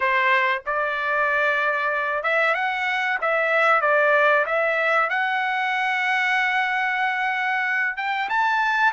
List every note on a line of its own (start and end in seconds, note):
0.00 0.62 C5
0.66 2.23 D5
2.23 2.54 E5
2.54 3.18 F#5
3.21 3.81 E5
3.81 4.45 D5
4.46 5.09 E5
5.09 7.96 F#5
7.96 8.28 G5
8.29 8.92 A5